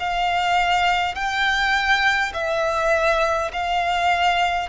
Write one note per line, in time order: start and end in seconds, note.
0.00 1.15 F5
1.15 2.33 G5
2.34 3.51 E5
3.53 4.70 F5